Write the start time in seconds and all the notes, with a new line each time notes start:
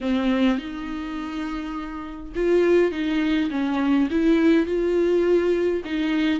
0.01 C4
0.58 D#4
2.35 F4
2.91 D#4
3.50 C#4
4.10 E4
4.65 F4
5.84 D#4